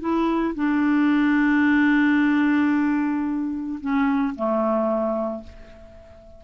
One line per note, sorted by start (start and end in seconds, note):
0.00 0.54 E4
0.55 3.79 D4
3.80 4.34 C#4
4.35 5.43 A3